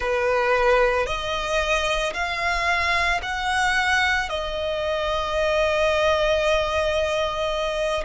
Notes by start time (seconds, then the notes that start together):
0.00 B4
1.06 D#5
2.13 F5
3.22 F#5
4.29 D#5